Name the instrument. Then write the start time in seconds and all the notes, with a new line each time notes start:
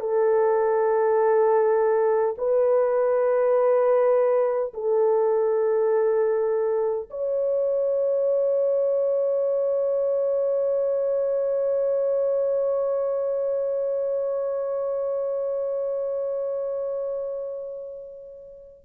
horn
0.00 A4
2.37 B4
4.74 A4
7.10 C#5